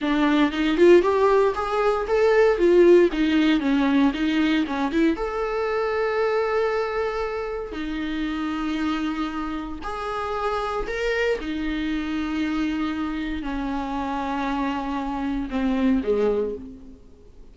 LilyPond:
\new Staff \with { instrumentName = "viola" } { \time 4/4 \tempo 4 = 116 d'4 dis'8 f'8 g'4 gis'4 | a'4 f'4 dis'4 cis'4 | dis'4 cis'8 e'8 a'2~ | a'2. dis'4~ |
dis'2. gis'4~ | gis'4 ais'4 dis'2~ | dis'2 cis'2~ | cis'2 c'4 gis4 | }